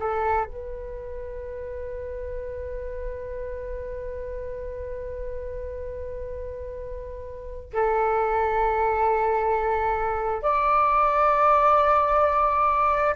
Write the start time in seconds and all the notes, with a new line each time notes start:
0.00 A4
0.45 B4
7.74 A4
10.43 D5